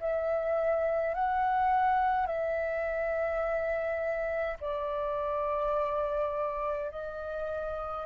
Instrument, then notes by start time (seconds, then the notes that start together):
flute
0.00 E5
1.14 F#5
2.26 E5
4.60 D5
6.91 D#5